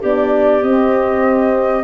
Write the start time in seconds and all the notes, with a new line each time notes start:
0.00 B3 D4 G4 D5
0.62 C4 D#5